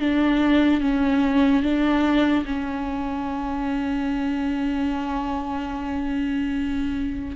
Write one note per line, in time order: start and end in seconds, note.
0.00 0.81 D4
0.81 1.63 C#4
1.63 2.45 D4
2.45 7.36 C#4